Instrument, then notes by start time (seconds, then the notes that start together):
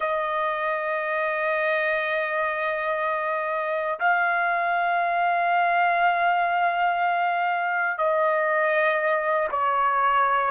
trumpet
0.00 D#5
3.99 F5
7.98 D#5
9.51 C#5